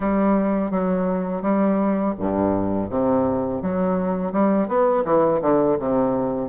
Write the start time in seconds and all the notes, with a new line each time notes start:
0.00 G3
0.70 F#3
1.42 G3
2.19 G2
2.89 C3
3.61 F#3
4.32 G3
4.68 B3
5.04 E3
5.41 D3
5.79 C3